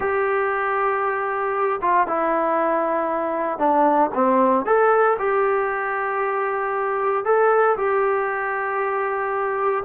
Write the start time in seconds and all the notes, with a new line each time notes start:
0.00 G4
1.81 F4
2.07 E4
3.58 D4
4.14 C4
4.65 A4
5.19 G4
7.24 A4
7.77 G4